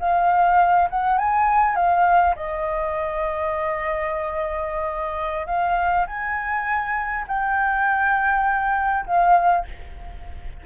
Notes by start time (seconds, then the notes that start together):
0.00 F5
0.90 F#5
1.18 G#5
1.76 F5
2.36 D#5
5.47 F5
6.07 G#5
7.28 G5
9.06 F5